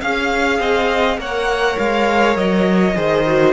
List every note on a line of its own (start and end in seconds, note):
0.00 0.59 C#4
0.00 1.18 G#4
0.00 0.59 F5
0.00 1.19 F5
0.59 1.18 C4
0.59 1.19 D#5
1.18 1.76 A#3
1.18 2.95 A#4
1.18 2.96 C#5
1.18 1.78 F#5
1.78 2.36 G#3
1.78 2.37 F5
2.36 2.95 F#3
2.36 3.53 D#5
2.95 3.53 D#3
2.95 3.24 G#4
2.95 3.53 C5
3.26 3.53 F#4